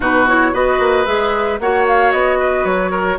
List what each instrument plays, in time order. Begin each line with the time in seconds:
0.00 bassoon B2, clarinet D#4, oboe F#4, flute B4
0.27 clarinet E4, flute C#5
0.53 bassoon B3, clarinet F#4, oboe B4, flute D#5
0.79 bassoon A#3
1.05 bassoon G#3, clarinet G#4, flute E5
1.59 bassoon A#3, clarinet F#4, oboe C#5, flute F#5
1.87 flute F5
2.12 bassoon B3, flute D#5
2.38 oboe B4
2.64 bassoon F#3, flute C#5
2.90 oboe A#4